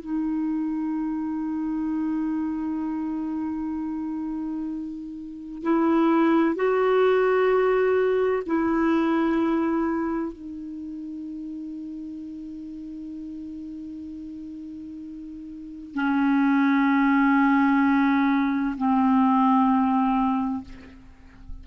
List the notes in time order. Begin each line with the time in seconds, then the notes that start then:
0.00 D#4
5.63 E4
6.56 F#4
8.46 E4
10.33 D#4
15.95 C#4
18.77 C4